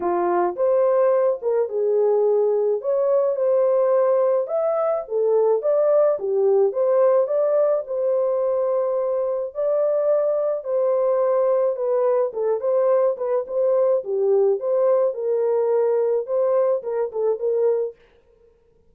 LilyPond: \new Staff \with { instrumentName = "horn" } { \time 4/4 \tempo 4 = 107 f'4 c''4. ais'8 gis'4~ | gis'4 cis''4 c''2 | e''4 a'4 d''4 g'4 | c''4 d''4 c''2~ |
c''4 d''2 c''4~ | c''4 b'4 a'8 c''4 b'8 | c''4 g'4 c''4 ais'4~ | ais'4 c''4 ais'8 a'8 ais'4 | }